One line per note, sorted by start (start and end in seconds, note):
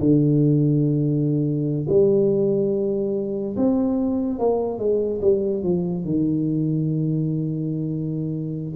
0.00 1.87 D3
1.89 3.56 G3
3.57 4.39 C4
4.39 4.79 A#3
4.79 5.21 G#3
5.22 5.63 G3
5.64 6.05 F3
6.05 8.76 D#3